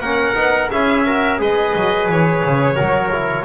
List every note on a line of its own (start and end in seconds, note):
0.00 0.35 A#3
0.00 0.35 C#4
0.00 0.71 A#4
0.00 0.69 F#5
0.35 0.70 B3
0.35 0.69 D#4
0.71 1.39 C#4
0.71 1.06 E4
0.71 1.05 G#4
0.71 1.40 E5
1.05 1.38 F#4
1.05 1.40 A#4
1.38 1.74 G#3
1.38 2.75 G#4
1.38 2.75 B4
1.38 2.10 D#5
1.76 2.09 F#3
2.09 2.43 E3
2.09 3.45 C#5
2.45 2.80 C#3
2.75 3.45 F#3
2.75 3.10 F#4
2.75 3.44 A#4
3.12 3.45 E4